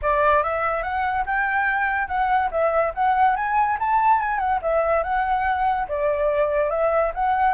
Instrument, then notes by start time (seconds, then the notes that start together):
flute
0.02 D5
0.43 E5
0.82 F#5
1.25 G5
2.07 F#5
2.51 E5
2.94 F#5
3.35 G#5
3.79 A5
4.21 G#5
4.38 F#5
4.62 E5
5.03 F#5
5.87 D5
6.69 E5
7.14 F#5